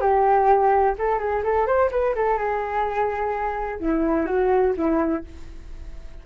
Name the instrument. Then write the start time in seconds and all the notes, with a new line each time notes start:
flute
0.00 G4
0.98 A4
1.18 G#4
1.43 A4
1.66 C5
1.91 B4
2.15 A4
2.37 G#4
3.79 E4
4.26 F#4
4.76 E4